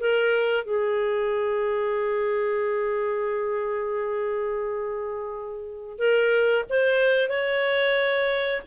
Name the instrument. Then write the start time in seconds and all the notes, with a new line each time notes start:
clarinet
0.00 A#4
0.64 G#4
5.98 A#4
6.69 C5
7.29 C#5